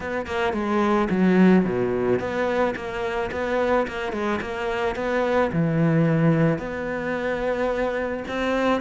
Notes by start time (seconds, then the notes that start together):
0.00 B3
0.26 A#3
0.53 G#3
1.10 F#3
1.64 B2
2.19 B3
2.75 A#3
3.31 B3
3.87 A#3
4.12 G#3
4.41 A#3
4.95 B3
5.52 E3
6.58 B3
8.28 C4